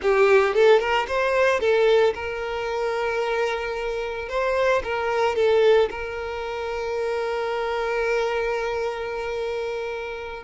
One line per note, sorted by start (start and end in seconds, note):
0.02 0.54 G4
0.54 0.79 A4
0.79 1.06 A#4
1.07 1.59 C5
1.59 2.13 A4
2.14 4.28 A#4
4.28 4.82 C5
4.83 5.35 A#4
5.35 5.89 A4
5.90 10.43 A#4